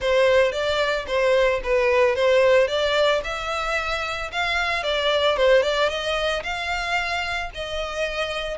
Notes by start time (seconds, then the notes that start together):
0.00 C5
0.52 D5
1.07 C5
1.63 B4
2.15 C5
2.67 D5
3.24 E5
4.31 F5
4.83 D5
5.36 C5
5.62 D5
5.89 D#5
6.43 F5
7.54 D#5